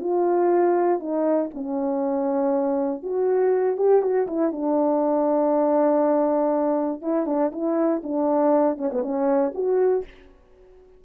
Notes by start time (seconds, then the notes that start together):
0.00 F4
1.00 D#4
1.54 C#4
3.02 F#4
3.77 G4
4.02 F#4
4.27 E4
4.52 D4
7.02 E4
7.26 D4
7.52 E4
8.03 D4
8.77 C#4
8.92 B3
9.02 C#4
9.54 F#4